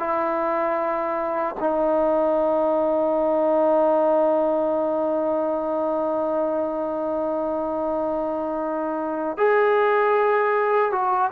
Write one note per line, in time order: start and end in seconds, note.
0.00 1.56 E4
1.60 9.38 D#4
9.38 10.92 G#4
10.92 11.31 F#4